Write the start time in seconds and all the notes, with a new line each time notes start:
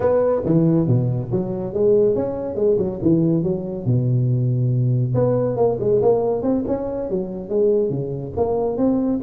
0.00 B3
0.45 E3
0.87 B2
1.31 F#3
1.73 G#3
2.15 C#4
2.55 G#3
2.78 F#3
3.02 E3
3.43 F#3
3.85 B2
5.14 B3
5.56 A#3
5.80 G#3
6.02 A#3
6.42 C4
6.67 C#4
7.09 F#3
7.49 G#3
7.89 C#3
8.36 A#3
8.77 C4